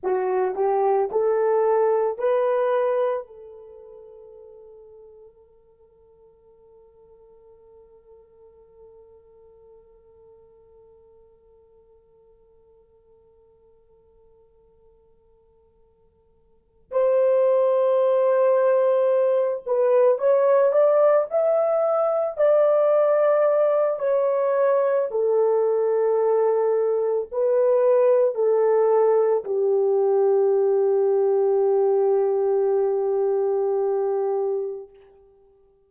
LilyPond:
\new Staff \with { instrumentName = "horn" } { \time 4/4 \tempo 4 = 55 fis'8 g'8 a'4 b'4 a'4~ | a'1~ | a'1~ | a'2.~ a'8 c''8~ |
c''2 b'8 cis''8 d''8 e''8~ | e''8 d''4. cis''4 a'4~ | a'4 b'4 a'4 g'4~ | g'1 | }